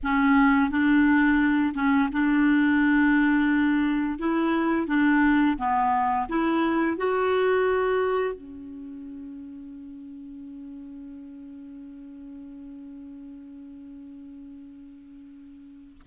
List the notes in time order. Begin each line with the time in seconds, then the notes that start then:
0.03 C#4
0.70 D4
1.74 C#4
2.12 D4
4.18 E4
4.87 D4
5.57 B3
6.29 E4
6.97 F#4
8.34 C#4